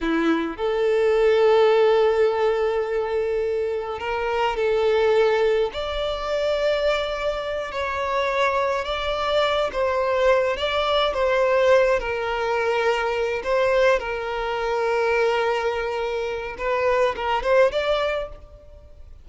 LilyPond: \new Staff \with { instrumentName = "violin" } { \time 4/4 \tempo 4 = 105 e'4 a'2.~ | a'2. ais'4 | a'2 d''2~ | d''4. cis''2 d''8~ |
d''4 c''4. d''4 c''8~ | c''4 ais'2~ ais'8 c''8~ | c''8 ais'2.~ ais'8~ | ais'4 b'4 ais'8 c''8 d''4 | }